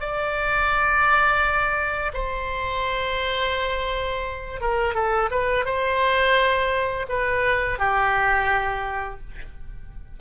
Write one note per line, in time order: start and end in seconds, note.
0.00 2.12 D5
2.13 4.60 C5
4.60 4.94 A#4
4.94 5.29 A4
5.31 5.65 B4
5.65 7.06 C5
7.09 7.78 B4
7.78 9.20 G4